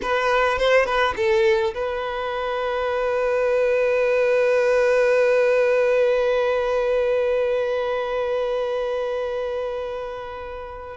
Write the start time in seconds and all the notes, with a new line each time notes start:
0.02 B4
0.58 C5
0.85 B4
1.16 A4
1.74 B4